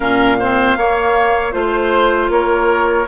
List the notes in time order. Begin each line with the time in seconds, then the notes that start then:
0.00 A#2 C#4 A#4 F5
0.39 C4 C5
0.76 A#3 C#5
1.52 A3 F4 C5
2.29 A#3 A#4 C#5